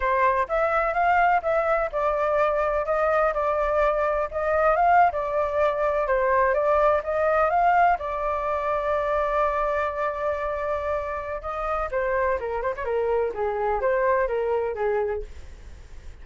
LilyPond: \new Staff \with { instrumentName = "flute" } { \time 4/4 \tempo 4 = 126 c''4 e''4 f''4 e''4 | d''2 dis''4 d''4~ | d''4 dis''4 f''8. d''4~ d''16~ | d''8. c''4 d''4 dis''4 f''16~ |
f''8. d''2.~ d''16~ | d''1 | dis''4 c''4 ais'8 c''16 cis''16 ais'4 | gis'4 c''4 ais'4 gis'4 | }